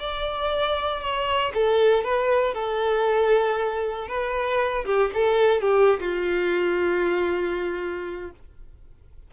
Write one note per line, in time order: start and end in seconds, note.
0.00 1.01 D5
1.01 1.53 C#5
1.54 2.04 A4
2.04 2.55 B4
2.55 4.08 A4
4.08 4.85 B4
4.86 5.11 G4
5.14 5.62 A4
5.62 6.00 G4
6.00 8.31 F4